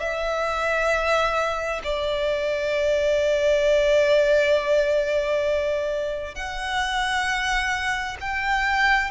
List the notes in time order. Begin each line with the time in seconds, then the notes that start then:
0.00 E5
1.84 D5
6.35 F#5
8.21 G5